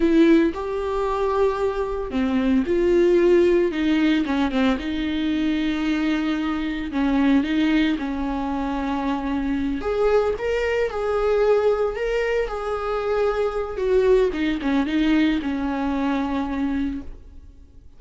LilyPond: \new Staff \with { instrumentName = "viola" } { \time 4/4 \tempo 4 = 113 e'4 g'2. | c'4 f'2 dis'4 | cis'8 c'8 dis'2.~ | dis'4 cis'4 dis'4 cis'4~ |
cis'2~ cis'8 gis'4 ais'8~ | ais'8 gis'2 ais'4 gis'8~ | gis'2 fis'4 dis'8 cis'8 | dis'4 cis'2. | }